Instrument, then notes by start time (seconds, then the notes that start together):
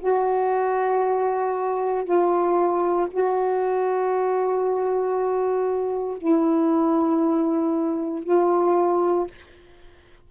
saxophone
0.00 F#4
2.05 F4
3.11 F#4
6.18 E4
8.24 F4